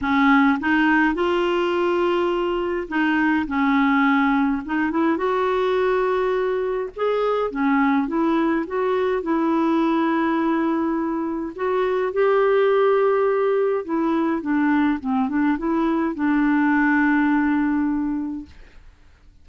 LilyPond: \new Staff \with { instrumentName = "clarinet" } { \time 4/4 \tempo 4 = 104 cis'4 dis'4 f'2~ | f'4 dis'4 cis'2 | dis'8 e'8 fis'2. | gis'4 cis'4 e'4 fis'4 |
e'1 | fis'4 g'2. | e'4 d'4 c'8 d'8 e'4 | d'1 | }